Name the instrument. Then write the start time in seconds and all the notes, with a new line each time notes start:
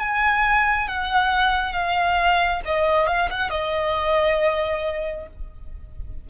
violin
0.00 G#5
0.88 F#5
1.73 F5
2.66 D#5
3.07 F5
3.30 F#5
3.51 D#5